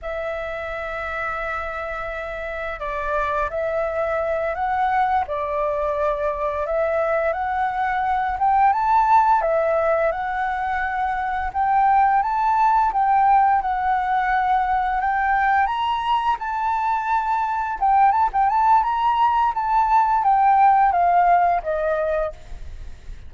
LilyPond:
\new Staff \with { instrumentName = "flute" } { \time 4/4 \tempo 4 = 86 e''1 | d''4 e''4. fis''4 d''8~ | d''4. e''4 fis''4. | g''8 a''4 e''4 fis''4.~ |
fis''8 g''4 a''4 g''4 fis''8~ | fis''4. g''4 ais''4 a''8~ | a''4. g''8 a''16 g''16 a''8 ais''4 | a''4 g''4 f''4 dis''4 | }